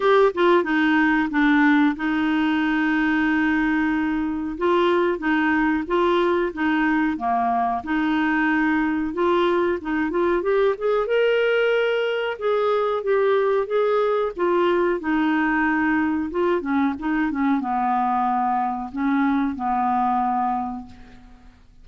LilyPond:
\new Staff \with { instrumentName = "clarinet" } { \time 4/4 \tempo 4 = 92 g'8 f'8 dis'4 d'4 dis'4~ | dis'2. f'4 | dis'4 f'4 dis'4 ais4 | dis'2 f'4 dis'8 f'8 |
g'8 gis'8 ais'2 gis'4 | g'4 gis'4 f'4 dis'4~ | dis'4 f'8 cis'8 dis'8 cis'8 b4~ | b4 cis'4 b2 | }